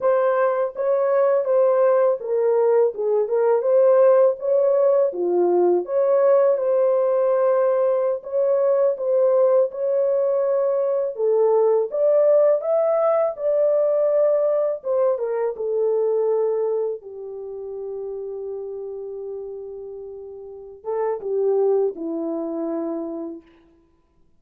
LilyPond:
\new Staff \with { instrumentName = "horn" } { \time 4/4 \tempo 4 = 82 c''4 cis''4 c''4 ais'4 | gis'8 ais'8 c''4 cis''4 f'4 | cis''4 c''2~ c''16 cis''8.~ | cis''16 c''4 cis''2 a'8.~ |
a'16 d''4 e''4 d''4.~ d''16~ | d''16 c''8 ais'8 a'2 g'8.~ | g'1~ | g'8 a'8 g'4 e'2 | }